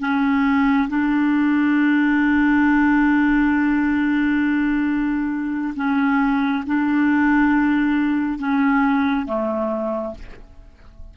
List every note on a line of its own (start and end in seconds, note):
0.00 0.88 C#4
0.89 5.74 D4
5.76 6.64 C#4
6.66 8.39 D4
8.39 9.26 C#4
9.26 10.14 A3